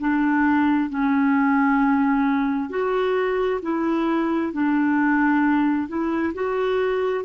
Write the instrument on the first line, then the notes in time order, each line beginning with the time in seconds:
clarinet
0.00 D4
0.90 C#4
2.69 F#4
3.62 E4
4.53 D4
5.88 E4
6.34 F#4